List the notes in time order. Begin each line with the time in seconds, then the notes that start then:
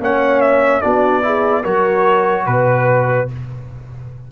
0.00 A#3 C#4 C#5 F#5
0.41 E5
0.82 B3 D4 F#4 D5
1.23 E4 G#4
1.62 F#3 F#4 A#4 C#5
2.46 B2 B4